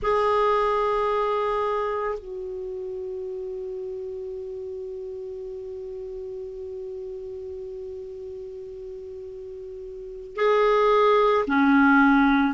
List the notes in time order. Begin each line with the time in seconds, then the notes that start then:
0.02 G#4
2.18 F#4
10.36 G#4
11.47 C#4